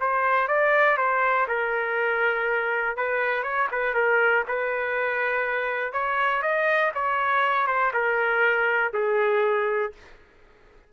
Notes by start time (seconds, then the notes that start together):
0.00 C5
0.48 D5
0.97 C5
1.47 A#4
2.96 B4
3.43 C#5
3.71 B4
3.94 A#4
4.47 B4
5.93 C#5
6.42 D#5
6.94 C#5
7.67 C5
7.93 A#4
8.93 G#4